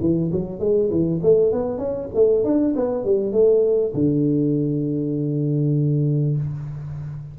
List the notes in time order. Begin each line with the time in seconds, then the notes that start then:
0.00 E3
0.32 F#3
0.59 G#3
0.90 E3
1.22 A3
1.52 B3
1.78 C#4
2.14 A3
2.44 D4
2.75 B3
3.04 G3
3.32 A3
3.94 D3